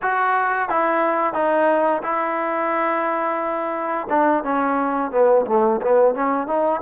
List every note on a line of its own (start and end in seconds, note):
0.02 0.68 F#4
0.68 1.33 E4
1.33 2.01 D#4
2.03 4.07 E4
4.09 4.43 D4
4.43 5.11 C#4
5.11 5.45 B3
5.46 5.80 A3
5.81 6.15 B3
6.15 6.47 C#4
6.47 6.81 D#4